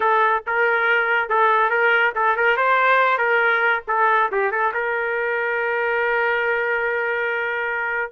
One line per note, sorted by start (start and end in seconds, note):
0.00 0.43 A4
0.46 1.29 A#4
1.29 1.70 A4
1.70 2.13 A#4
2.15 2.36 A4
2.36 2.57 A#4
2.57 3.18 C5
3.18 3.82 A#4
3.87 4.30 A4
4.31 4.51 G4
4.51 4.73 A4
4.73 8.12 A#4